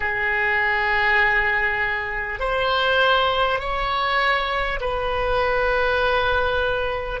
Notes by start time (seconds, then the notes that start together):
0.00 G#4
2.39 C5
3.59 C#5
4.80 B4